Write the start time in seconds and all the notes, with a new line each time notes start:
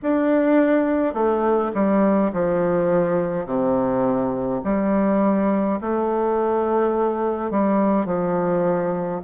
0.02 D4
1.14 A3
1.74 G3
2.32 F3
3.46 C3
4.64 G3
5.80 A3
7.50 G3
8.05 F3